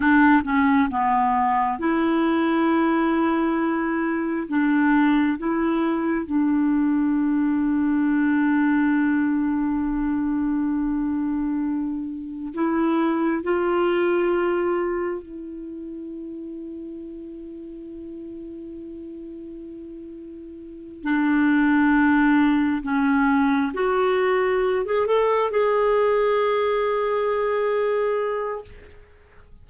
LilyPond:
\new Staff \with { instrumentName = "clarinet" } { \time 4/4 \tempo 4 = 67 d'8 cis'8 b4 e'2~ | e'4 d'4 e'4 d'4~ | d'1~ | d'2 e'4 f'4~ |
f'4 e'2.~ | e'2.~ e'8 d'8~ | d'4. cis'4 fis'4~ fis'16 gis'16 | a'8 gis'2.~ gis'8 | }